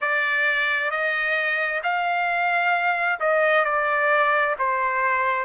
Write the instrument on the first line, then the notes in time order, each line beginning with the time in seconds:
trumpet
0.01 D5
0.90 D#5
1.83 F5
3.19 D#5
3.64 D5
4.58 C5